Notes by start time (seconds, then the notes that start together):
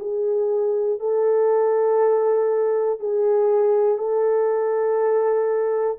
0.00 G#4
1.00 A4
3.00 G#4
3.99 A4